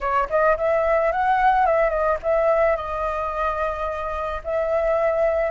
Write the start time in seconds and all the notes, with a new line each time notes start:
0.01 C#5
0.29 D#5
0.57 E5
1.12 F#5
1.66 E5
1.89 D#5
2.23 E5
2.76 D#5
4.43 E5